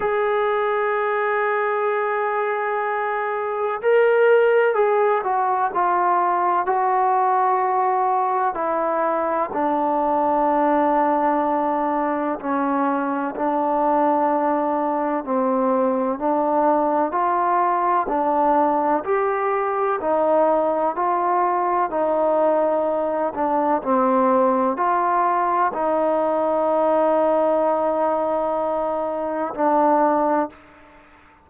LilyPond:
\new Staff \with { instrumentName = "trombone" } { \time 4/4 \tempo 4 = 63 gis'1 | ais'4 gis'8 fis'8 f'4 fis'4~ | fis'4 e'4 d'2~ | d'4 cis'4 d'2 |
c'4 d'4 f'4 d'4 | g'4 dis'4 f'4 dis'4~ | dis'8 d'8 c'4 f'4 dis'4~ | dis'2. d'4 | }